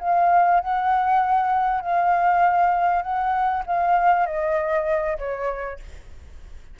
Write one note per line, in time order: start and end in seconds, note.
0.00 0.61 F5
0.61 1.81 F#5
1.81 3.03 F5
3.03 3.64 F#5
3.67 4.27 F5
4.27 5.18 D#5
5.19 5.80 C#5